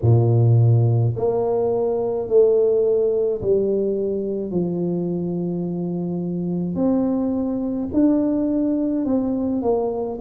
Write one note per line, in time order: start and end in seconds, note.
0.01 1.14 A#2
1.16 2.27 A#3
2.27 3.41 A3
3.41 4.51 G3
4.51 6.75 F3
6.75 7.88 C4
7.93 9.05 D4
9.05 9.62 C4
9.62 10.18 A#3